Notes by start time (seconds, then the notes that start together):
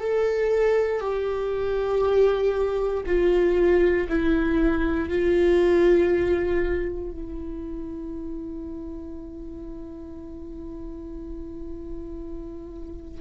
0.00 A4
1.00 G4
3.06 F4
4.09 E4
5.08 F4
7.11 E4